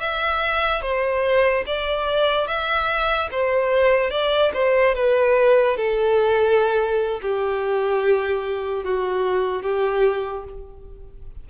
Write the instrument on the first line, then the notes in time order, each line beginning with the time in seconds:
violin
0.00 E5
0.82 C5
1.67 D5
2.47 E5
3.31 C5
4.11 D5
4.54 C5
4.95 B4
5.77 A4
7.22 G4
8.84 F#4
9.62 G4